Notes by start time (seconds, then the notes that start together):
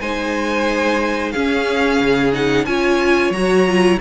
0.00 G#3 D#4 C5 G#5
1.31 C#4 G#4 F5
2.00 C#3
2.32 D#4 F#5
2.65 C#4 F4 C#5 G#5
3.30 F#3 A#5
3.36 F#4
3.66 F4